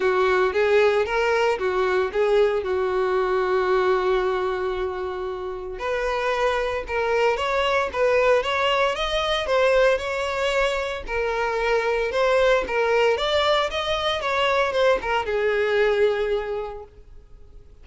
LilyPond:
\new Staff \with { instrumentName = "violin" } { \time 4/4 \tempo 4 = 114 fis'4 gis'4 ais'4 fis'4 | gis'4 fis'2.~ | fis'2. b'4~ | b'4 ais'4 cis''4 b'4 |
cis''4 dis''4 c''4 cis''4~ | cis''4 ais'2 c''4 | ais'4 d''4 dis''4 cis''4 | c''8 ais'8 gis'2. | }